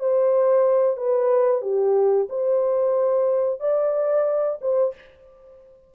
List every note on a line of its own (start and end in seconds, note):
0.00 0.97 C5
0.97 1.62 B4
1.62 2.28 G4
2.30 3.61 C5
3.61 4.59 D5
4.62 4.95 C5